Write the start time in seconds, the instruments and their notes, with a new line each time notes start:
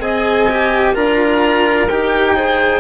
0.00 bassoon C4, cello G#4, clarinet D#5, violin G#5
0.50 cello G4
0.93 bassoon D4, cello F4, clarinet A#4, violin A#5
1.88 bassoon D#4, cello G4, violin G5
2.36 cello G#4, clarinet C5